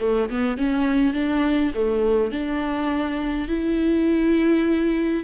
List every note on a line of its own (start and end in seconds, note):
0.00 0.29 A3
0.30 0.57 B3
0.57 1.13 C#4
1.13 1.72 D4
1.75 2.31 A3
2.31 3.48 D4
3.48 5.24 E4